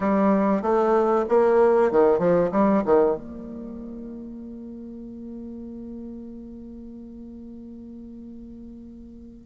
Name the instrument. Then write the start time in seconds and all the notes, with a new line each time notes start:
bassoon
0.00 G3
0.61 A3
1.28 A#3
1.91 D#3
2.18 F3
2.51 G3
2.84 D#3
3.15 A#3